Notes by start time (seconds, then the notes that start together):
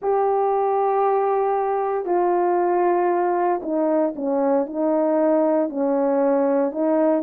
0.02 G4
2.05 F4
3.62 D#4
4.15 C#4
4.66 D#4
5.69 C#4
6.71 D#4